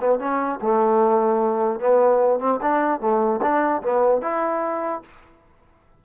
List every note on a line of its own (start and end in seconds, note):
0.00 0.19 B3
0.19 0.59 C#4
0.62 1.80 A3
1.80 2.40 B3
2.40 2.60 C4
2.61 3.00 D4
3.00 3.40 A3
3.42 3.82 D4
3.82 4.21 B3
4.21 5.02 E4